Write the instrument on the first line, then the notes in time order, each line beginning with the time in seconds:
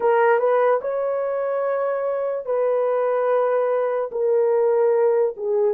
horn
0.00 A#4
0.39 B4
0.81 C#5
2.45 B4
4.11 A#4
5.36 G#4